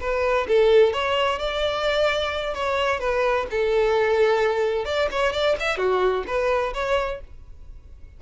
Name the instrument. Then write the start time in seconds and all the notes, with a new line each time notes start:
violin
0.00 B4
0.47 A4
0.93 C#5
1.39 D5
2.54 C#5
3.00 B4
3.50 A4
4.85 D5
5.11 C#5
5.32 D5
5.59 E5
5.77 F#4
6.27 B4
6.74 C#5